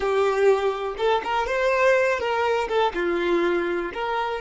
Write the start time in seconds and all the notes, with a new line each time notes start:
0.00 G4
0.97 A4
1.24 A#4
1.46 C5
2.19 A#4
2.68 A4
2.94 F4
3.93 A#4